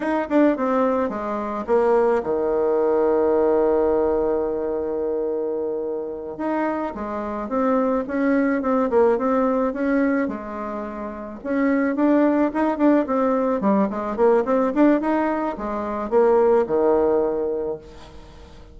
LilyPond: \new Staff \with { instrumentName = "bassoon" } { \time 4/4 \tempo 4 = 108 dis'8 d'8 c'4 gis4 ais4 | dis1~ | dis2.~ dis8 dis'8~ | dis'8 gis4 c'4 cis'4 c'8 |
ais8 c'4 cis'4 gis4.~ | gis8 cis'4 d'4 dis'8 d'8 c'8~ | c'8 g8 gis8 ais8 c'8 d'8 dis'4 | gis4 ais4 dis2 | }